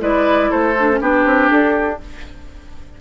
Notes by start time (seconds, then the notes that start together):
0.00 G#3 E4 B4 D5
0.50 A3 A4 C5
0.79 D4
0.91 C#4
1.01 B3 D4 G4 B4
1.25 C4
1.50 D4 A4